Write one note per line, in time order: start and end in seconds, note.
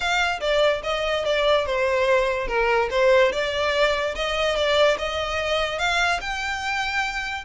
0.00 0.39 F5
0.40 0.82 D5
0.83 1.24 D#5
1.24 1.66 D5
1.66 2.47 C5
2.47 2.89 A#4
2.90 3.31 C5
3.31 4.14 D5
4.15 4.56 D#5
4.56 4.97 D5
4.98 5.78 D#5
5.78 6.20 F5
6.21 7.45 G5